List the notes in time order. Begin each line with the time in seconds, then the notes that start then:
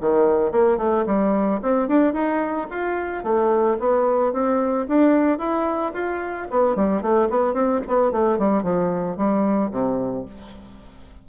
0.00 D#3
0.51 A#3
0.77 A3
1.06 G3
1.62 C4
1.88 D4
2.13 D#4
2.70 F4
3.23 A3
3.79 B3
4.33 C4
4.87 D4
5.38 E4
5.93 F4
6.50 B3
6.75 G3
7.01 A3
7.29 B3
7.53 C4
7.87 B3
8.11 A3
8.38 G3
8.63 F3
9.16 G3
9.71 C3